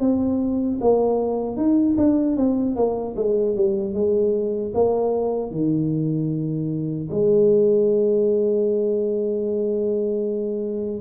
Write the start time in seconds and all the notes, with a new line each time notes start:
0.00 C4
0.81 A#3
1.57 D#4
1.98 D4
2.37 C4
2.76 A#3
3.17 G#3
3.56 G3
3.94 G#3
4.74 A#3
5.51 D#3
7.11 G#3